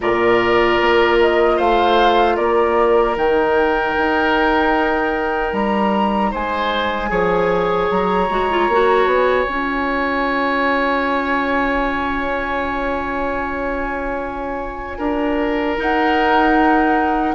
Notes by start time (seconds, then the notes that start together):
0.00 A#2 F4 A#4 D5
0.80 A#3
1.20 D#5
1.56 A3 C5 F5
2.36 A#3 A#4 D5
3.15 D#3 D#4 G5
3.97 D#4
5.52 G3 A#5
6.30 G#3 C5 G#5
7.09 F3 G#4 C#5
7.90 F#3 A#5
8.29 G#3 F#4
8.50 F4
8.68 A#3 F#4
9.05 B3 G#5
9.45 C#4 F4
14.98 D4 A#4
15.77 D#4 F#5